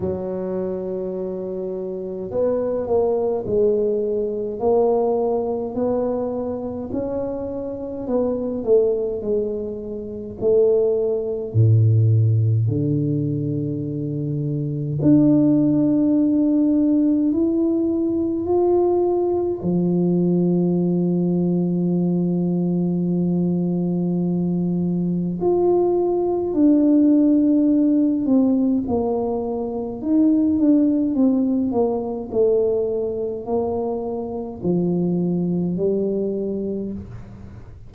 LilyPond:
\new Staff \with { instrumentName = "tuba" } { \time 4/4 \tempo 4 = 52 fis2 b8 ais8 gis4 | ais4 b4 cis'4 b8 a8 | gis4 a4 a,4 d4~ | d4 d'2 e'4 |
f'4 f2.~ | f2 f'4 d'4~ | d'8 c'8 ais4 dis'8 d'8 c'8 ais8 | a4 ais4 f4 g4 | }